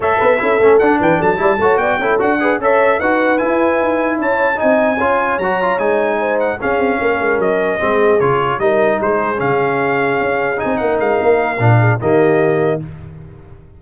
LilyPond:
<<
  \new Staff \with { instrumentName = "trumpet" } { \time 4/4 \tempo 4 = 150 e''2 fis''8 g''8 a''4~ | a''8 g''4 fis''4 e''4 fis''8~ | fis''8 gis''2 a''4 gis''8~ | gis''4. ais''4 gis''4. |
fis''8 f''2 dis''4.~ | dis''8 cis''4 dis''4 c''4 f''8~ | f''2~ f''8 gis''8 fis''8 f''8~ | f''2 dis''2 | }
  \new Staff \with { instrumentName = "horn" } { \time 4/4 cis''8 b'8 a'4. b'8 a'8 d''8 | cis''8 d''8 a'4 b'8 cis''4 b'8~ | b'2~ b'8 cis''4 dis''8~ | dis''8 cis''2. c''8~ |
c''8 gis'4 ais'2 gis'8~ | gis'4. ais'4 gis'4.~ | gis'2. ais'4~ | ais'4. gis'8 g'2 | }
  \new Staff \with { instrumentName = "trombone" } { \time 4/4 a'4 e'8 cis'8 d'4. e'8 | fis'4 e'8 fis'8 gis'8 a'4 fis'8~ | fis'8 e'2. dis'8~ | dis'8 f'4 fis'8 f'8 dis'4.~ |
dis'8 cis'2. c'8~ | c'8 f'4 dis'2 cis'8~ | cis'2~ cis'8 dis'4.~ | dis'4 d'4 ais2 | }
  \new Staff \with { instrumentName = "tuba" } { \time 4/4 a8 b8 cis'8 a8 d'8 e8 fis8 g8 | a8 b8 cis'8 d'4 cis'4 dis'8~ | dis'8 e'4 dis'4 cis'4 c'8~ | c'8 cis'4 fis4 gis4.~ |
gis8 cis'8 c'8 ais8 gis8 fis4 gis8~ | gis8 cis4 g4 gis4 cis8~ | cis4. cis'4 c'8 ais8 gis8 | ais4 ais,4 dis2 | }
>>